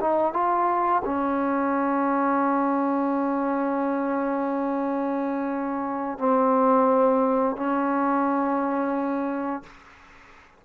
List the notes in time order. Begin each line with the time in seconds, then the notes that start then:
0.00 D#4
0.33 F4
1.04 C#4
6.18 C4
7.56 C#4